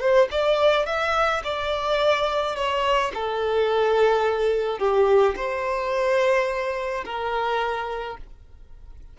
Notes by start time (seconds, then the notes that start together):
0.00 C5
0.31 D5
0.86 E5
1.44 D5
2.56 C#5
3.15 A4
4.79 G4
5.36 C5
7.05 A#4